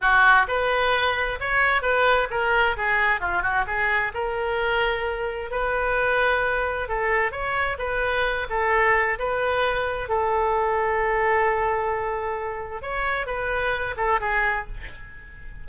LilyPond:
\new Staff \with { instrumentName = "oboe" } { \time 4/4 \tempo 4 = 131 fis'4 b'2 cis''4 | b'4 ais'4 gis'4 f'8 fis'8 | gis'4 ais'2. | b'2. a'4 |
cis''4 b'4. a'4. | b'2 a'2~ | a'1 | cis''4 b'4. a'8 gis'4 | }